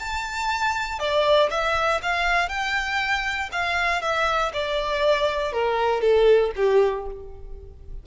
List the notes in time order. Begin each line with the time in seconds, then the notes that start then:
0.00 A5
1.00 D5
1.51 E5
2.03 F5
2.49 G5
3.52 F5
4.02 E5
4.54 D5
5.53 A#4
6.02 A4
6.56 G4